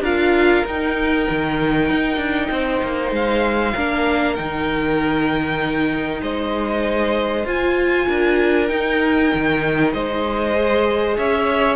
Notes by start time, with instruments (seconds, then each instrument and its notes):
0.00 cello D4, viola F4, violin A#4 F5
0.65 cello D#4, viola D#4, violin G5
1.30 cello D#3
1.90 cello D#4
2.17 cello D4
2.51 cello C4, violin C5
2.82 cello A#3
3.11 cello G#3, violin F5
3.74 cello A#3, viola D4, violin A#4
4.35 cello D#3, viola D#4, violin G5
6.22 cello G#3, violin C5 D#5
7.45 cello F4, viola F4, violin G#5
8.07 cello D4, violin A#4
8.67 viola D#4, cello D#4, violin G5
9.34 cello D#3
9.93 cello G#3, violin C5 D#5
10.55 viola G#4
11.17 cello C#4, violin C#5 E5